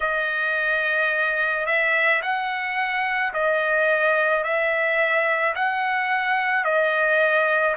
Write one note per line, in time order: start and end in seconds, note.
0.00 1.66 D#5
1.66 2.21 E5
2.22 3.33 F#5
3.33 4.43 D#5
4.43 5.54 E5
5.55 6.64 F#5
6.64 7.75 D#5